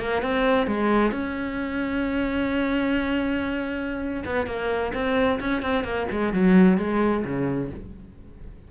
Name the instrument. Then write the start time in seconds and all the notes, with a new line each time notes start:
cello
0.00 A#3
0.22 C4
0.67 G#3
1.12 C#4
4.26 B3
4.47 A#3
4.94 C4
5.40 C#4
5.63 C4
5.84 A#3
6.12 G#3
6.34 F#3
6.78 G#3
7.25 C#3